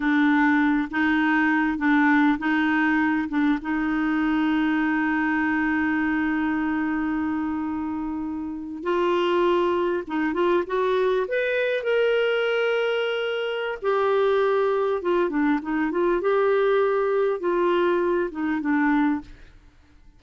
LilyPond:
\new Staff \with { instrumentName = "clarinet" } { \time 4/4 \tempo 4 = 100 d'4. dis'4. d'4 | dis'4. d'8 dis'2~ | dis'1~ | dis'2~ dis'8. f'4~ f'16~ |
f'8. dis'8 f'8 fis'4 b'4 ais'16~ | ais'2. g'4~ | g'4 f'8 d'8 dis'8 f'8 g'4~ | g'4 f'4. dis'8 d'4 | }